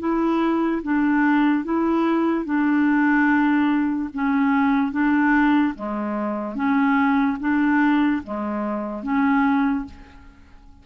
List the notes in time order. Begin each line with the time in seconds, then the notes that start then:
0.00 E4
0.83 D4
1.64 E4
2.45 D4
4.14 C#4
4.92 D4
5.75 G#3
6.56 C#4
7.40 D4
8.24 G#3
9.03 C#4